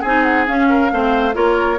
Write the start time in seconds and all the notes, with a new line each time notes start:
0.00 C4 D#4 G#4 G#5
0.23 F#5
0.47 C#4 F5
0.69 A#4
0.91 A3 C4 C5
1.33 A#3 F4 A#4 C#5